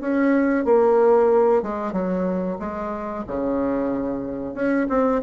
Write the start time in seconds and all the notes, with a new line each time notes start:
0.00 C#4
0.64 A#3
1.62 G#3
1.92 F#3
2.59 G#3
3.27 C#3
4.54 C#4
4.89 C4